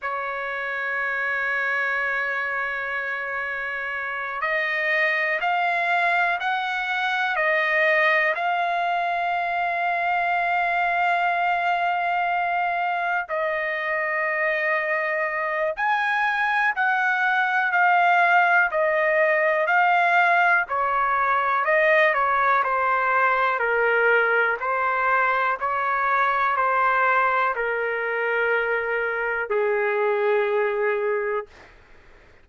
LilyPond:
\new Staff \with { instrumentName = "trumpet" } { \time 4/4 \tempo 4 = 61 cis''1~ | cis''8 dis''4 f''4 fis''4 dis''8~ | dis''8 f''2.~ f''8~ | f''4. dis''2~ dis''8 |
gis''4 fis''4 f''4 dis''4 | f''4 cis''4 dis''8 cis''8 c''4 | ais'4 c''4 cis''4 c''4 | ais'2 gis'2 | }